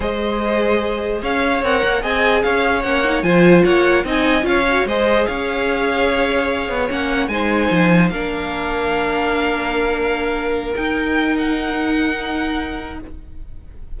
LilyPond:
<<
  \new Staff \with { instrumentName = "violin" } { \time 4/4 \tempo 4 = 148 dis''2. f''4 | fis''4 gis''4 f''4 fis''4 | gis''4 fis''4 gis''4 f''4 | dis''4 f''2.~ |
f''4 fis''4 gis''2 | f''1~ | f''2~ f''8 g''4. | fis''1 | }
  \new Staff \with { instrumentName = "violin" } { \time 4/4 c''2. cis''4~ | cis''4 dis''4 cis''2 | c''4 cis''4 dis''4 cis''4 | c''4 cis''2.~ |
cis''2 c''2 | ais'1~ | ais'1~ | ais'1 | }
  \new Staff \with { instrumentName = "viola" } { \time 4/4 gis'1 | ais'4 gis'2 cis'8 dis'8 | f'2 dis'4 f'8 fis'8 | gis'1~ |
gis'4 cis'4 dis'2 | d'1~ | d'2~ d'8 dis'4.~ | dis'1 | }
  \new Staff \with { instrumentName = "cello" } { \time 4/4 gis2. cis'4 | c'8 ais8 c'4 cis'4 ais4 | f4 ais4 c'4 cis'4 | gis4 cis'2.~ |
cis'8 b8 ais4 gis4 f4 | ais1~ | ais2~ ais8 dis'4.~ | dis'1 | }
>>